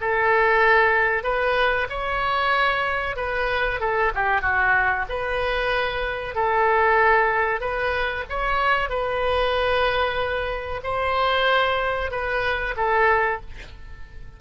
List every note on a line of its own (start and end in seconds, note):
0.00 1.23 A4
1.23 1.87 B4
1.89 3.16 C#5
3.16 3.80 B4
3.80 4.12 A4
4.14 4.41 G4
4.41 5.05 F#4
5.09 6.35 B4
6.35 7.60 A4
7.60 8.24 B4
8.29 8.89 C#5
8.89 10.81 B4
10.83 12.10 C5
12.10 12.74 B4
12.76 13.40 A4